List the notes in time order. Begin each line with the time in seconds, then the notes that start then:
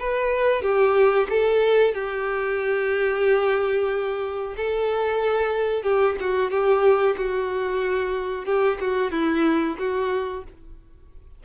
0.00 B4
0.63 G4
1.30 A4
1.95 G4
4.57 A4
5.83 G4
6.21 F#4
6.51 G4
7.18 F#4
8.46 G4
8.81 F#4
9.12 E4
9.79 F#4